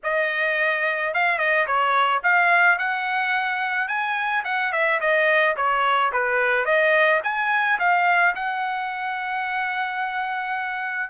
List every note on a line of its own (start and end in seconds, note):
0.03 1.14 D#5
1.14 1.38 F5
1.38 1.66 D#5
1.66 2.22 C#5
2.23 2.78 F5
2.78 3.88 F#5
3.88 4.43 G#5
4.44 4.72 F#5
4.72 5.00 E5
5.00 5.56 D#5
5.56 6.12 C#5
6.12 6.65 B4
6.65 7.20 D#5
7.23 7.79 G#5
7.79 8.34 F5
8.35 11.10 F#5